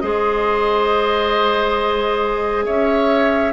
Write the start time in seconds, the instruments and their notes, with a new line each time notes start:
0.00 bassoon G#3, clarinet G#4, oboe C5, flute D#5
2.66 bassoon C#4, oboe C#5, flute E5